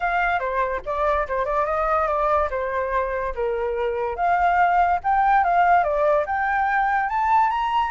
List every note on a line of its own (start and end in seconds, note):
0.00 0.39 F5
0.39 0.81 C5
0.85 1.27 D5
1.27 1.45 C5
1.45 1.65 D5
1.65 2.07 D#5
2.07 2.49 D5
2.50 3.34 C5
3.34 4.16 A#4
4.16 4.99 F5
5.03 5.44 G5
5.44 5.83 F5
5.83 6.25 D5
6.26 7.09 G5
7.09 7.50 A5
7.50 7.91 A#5